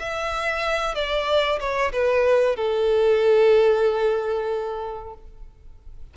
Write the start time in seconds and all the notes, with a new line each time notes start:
0.00 E5
0.95 D5
1.60 C#5
1.93 B4
2.56 A4